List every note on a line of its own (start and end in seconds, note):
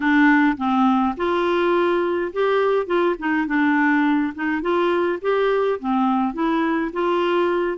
0.00 0.56 D4
0.57 1.15 C4
1.16 2.32 F4
2.32 2.86 G4
2.86 3.15 F4
3.18 3.46 D#4
3.46 4.33 D4
4.35 4.61 D#4
4.61 5.19 F4
5.21 5.79 G4
5.79 6.33 C4
6.33 6.91 E4
6.92 7.77 F4